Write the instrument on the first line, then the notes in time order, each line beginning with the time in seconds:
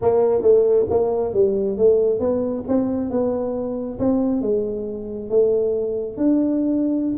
tuba
0.01 A#3
0.42 A3
0.90 A#3
1.33 G3
1.77 A3
2.19 B3
2.68 C4
3.10 B3
3.99 C4
4.41 G#3
5.29 A3
6.17 D4